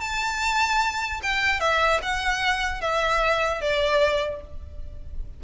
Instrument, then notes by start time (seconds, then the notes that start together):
violin
0.00 A5
1.22 G5
1.60 E5
2.02 F#5
2.81 E5
3.61 D5